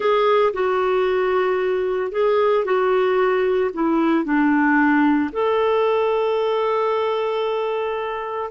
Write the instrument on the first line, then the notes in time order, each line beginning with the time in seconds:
clarinet
0.00 G#4
0.53 F#4
2.11 G#4
2.64 F#4
3.73 E4
4.24 D4
5.32 A4